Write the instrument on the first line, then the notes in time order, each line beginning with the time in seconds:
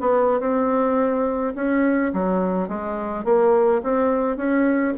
bassoon
0.00 B3
0.39 C4
1.55 C#4
2.13 F#3
2.68 G#3
3.24 A#3
3.83 C4
4.36 C#4